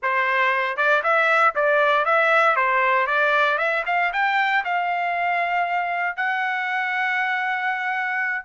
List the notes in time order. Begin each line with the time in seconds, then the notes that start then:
0.02 C5
0.76 D5
1.03 E5
1.55 D5
2.05 E5
2.56 C5
3.06 D5
3.58 E5
3.86 F5
4.12 G5
4.64 F5
6.16 F#5